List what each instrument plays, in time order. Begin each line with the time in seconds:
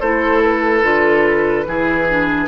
0.00 bassoon A3, clarinet E4, oboe A4, flute C5
0.42 flute B4
0.83 bassoon D3, clarinet F4
1.66 bassoon E3, clarinet E4, oboe G#4
2.09 clarinet D4